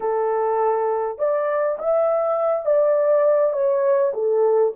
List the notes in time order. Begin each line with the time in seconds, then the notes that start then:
0.00 A4
1.18 D5
1.78 E5
2.65 D5
3.52 C#5
4.13 A4